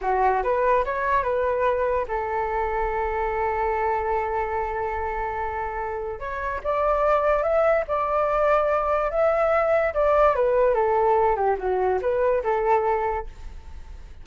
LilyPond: \new Staff \with { instrumentName = "flute" } { \time 4/4 \tempo 4 = 145 fis'4 b'4 cis''4 b'4~ | b'4 a'2.~ | a'1~ | a'2. cis''4 |
d''2 e''4 d''4~ | d''2 e''2 | d''4 b'4 a'4. g'8 | fis'4 b'4 a'2 | }